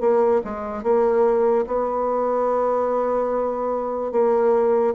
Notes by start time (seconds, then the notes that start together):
0.00 A#3
0.44 G#3
0.83 A#3
1.66 B3
4.12 A#3